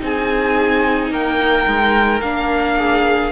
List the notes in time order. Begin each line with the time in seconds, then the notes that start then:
0.00 C4 D#4 G#4 G#5
1.10 A#3 A#4 G5
1.67 G#3
2.21 A#3 D4 F5
2.77 G#4